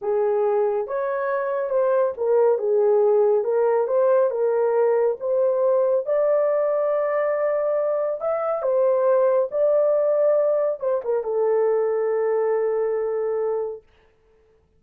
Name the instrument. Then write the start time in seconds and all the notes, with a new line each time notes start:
horn
0.01 G#4
0.87 C#5
1.69 C5
2.17 A#4
2.58 G#4
3.44 A#4
3.87 C5
4.30 A#4
5.20 C5
6.06 D5
8.20 E5
8.62 C5
9.51 D5
10.80 C5
11.04 A#4
11.23 A4